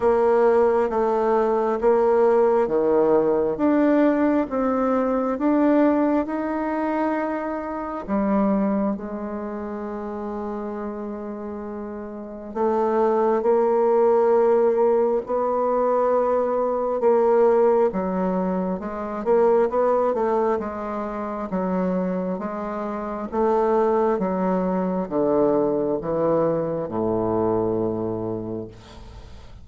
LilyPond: \new Staff \with { instrumentName = "bassoon" } { \time 4/4 \tempo 4 = 67 ais4 a4 ais4 dis4 | d'4 c'4 d'4 dis'4~ | dis'4 g4 gis2~ | gis2 a4 ais4~ |
ais4 b2 ais4 | fis4 gis8 ais8 b8 a8 gis4 | fis4 gis4 a4 fis4 | d4 e4 a,2 | }